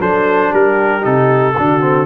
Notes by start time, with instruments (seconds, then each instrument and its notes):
0.00 tuba F#3, trombone D4, horn A4, trumpet C5
0.51 tuba G3, horn G4, trumpet A#4
1.01 tuba C3, trombone D#4, trumpet A4
1.57 tuba D3, trombone D4, horn F#4
1.81 trombone C4